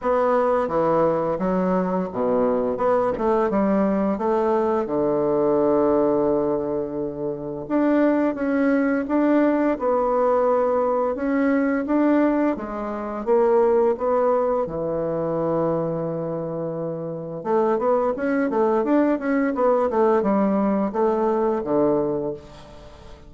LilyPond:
\new Staff \with { instrumentName = "bassoon" } { \time 4/4 \tempo 4 = 86 b4 e4 fis4 b,4 | b8 a8 g4 a4 d4~ | d2. d'4 | cis'4 d'4 b2 |
cis'4 d'4 gis4 ais4 | b4 e2.~ | e4 a8 b8 cis'8 a8 d'8 cis'8 | b8 a8 g4 a4 d4 | }